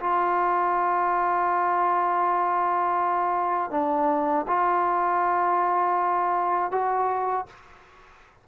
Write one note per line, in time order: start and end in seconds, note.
0.00 3.71 F4
3.71 4.46 D4
4.48 6.72 F4
6.72 7.47 F#4